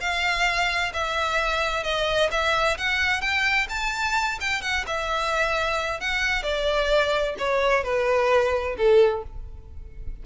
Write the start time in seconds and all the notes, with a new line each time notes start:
0.00 F5
0.93 E5
1.83 D#5
2.31 E5
2.78 F#5
3.21 G5
3.69 A5
4.40 G5
4.61 F#5
4.87 E5
6.00 F#5
6.43 D5
7.38 C#5
7.84 B4
8.77 A4